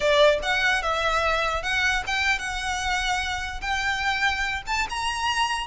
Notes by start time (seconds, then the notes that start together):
0.00 D5
0.42 F#5
0.82 E5
1.62 F#5
2.07 G5
2.39 F#5
3.61 G5
4.66 A5
4.89 A#5